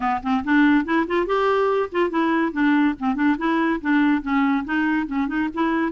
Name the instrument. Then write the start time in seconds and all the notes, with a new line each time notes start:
clarinet
0.00 B3
0.22 C4
0.44 D4
0.84 E4
1.07 F4
1.26 G4
1.91 F4
2.10 E4
2.52 D4
2.99 C4
3.15 D4
3.38 E4
3.81 D4
4.22 C#4
4.64 D#4
5.06 C#4
5.27 D#4
5.54 E4